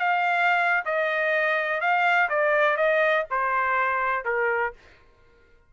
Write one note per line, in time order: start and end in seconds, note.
0.00 0.84 F5
0.85 1.81 D#5
1.81 2.29 F5
2.29 2.77 D5
2.77 3.25 D#5
3.31 4.25 C5
4.25 4.73 A#4